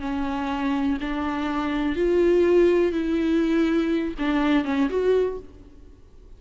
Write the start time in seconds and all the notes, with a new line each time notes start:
0.00 C#4
1.00 D4
1.96 F4
2.92 E4
4.18 D4
4.64 C#4
4.89 F#4